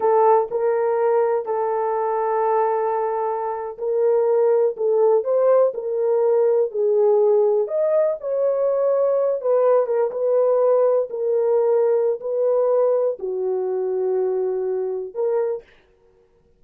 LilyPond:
\new Staff \with { instrumentName = "horn" } { \time 4/4 \tempo 4 = 123 a'4 ais'2 a'4~ | a'2.~ a'8. ais'16~ | ais'4.~ ais'16 a'4 c''4 ais'16~ | ais'4.~ ais'16 gis'2 dis''16~ |
dis''8. cis''2~ cis''8 b'8.~ | b'16 ais'8 b'2 ais'4~ ais'16~ | ais'4 b'2 fis'4~ | fis'2. ais'4 | }